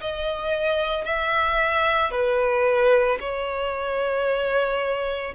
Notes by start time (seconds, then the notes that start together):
0.00 D#5
1.04 E5
2.11 B4
3.19 C#5